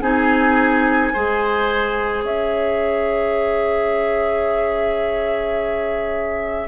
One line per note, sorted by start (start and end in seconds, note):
0.00 1.11 C4
0.00 1.13 D#4
0.00 1.12 G#4
0.00 2.23 G#5
1.13 2.24 G#3
1.13 6.67 G#4
1.13 2.24 C5
2.24 6.67 C#4
2.24 6.67 C#5
2.24 6.67 E5